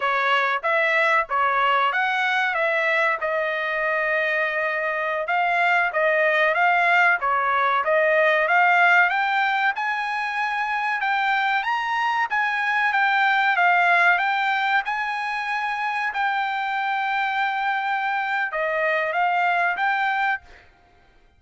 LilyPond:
\new Staff \with { instrumentName = "trumpet" } { \time 4/4 \tempo 4 = 94 cis''4 e''4 cis''4 fis''4 | e''4 dis''2.~ | dis''16 f''4 dis''4 f''4 cis''8.~ | cis''16 dis''4 f''4 g''4 gis''8.~ |
gis''4~ gis''16 g''4 ais''4 gis''8.~ | gis''16 g''4 f''4 g''4 gis''8.~ | gis''4~ gis''16 g''2~ g''8.~ | g''4 dis''4 f''4 g''4 | }